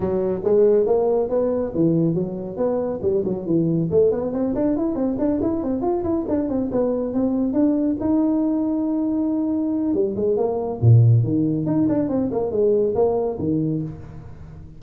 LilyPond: \new Staff \with { instrumentName = "tuba" } { \time 4/4 \tempo 4 = 139 fis4 gis4 ais4 b4 | e4 fis4 b4 g8 fis8 | e4 a8 b8 c'8 d'8 e'8 c'8 | d'8 e'8 c'8 f'8 e'8 d'8 c'8 b8~ |
b8 c'4 d'4 dis'4.~ | dis'2. g8 gis8 | ais4 ais,4 dis4 dis'8 d'8 | c'8 ais8 gis4 ais4 dis4 | }